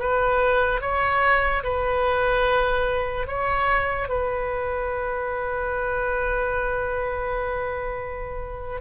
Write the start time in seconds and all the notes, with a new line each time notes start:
0.00 B4
0.81 C#5
1.64 B4
3.27 C#5
4.09 B4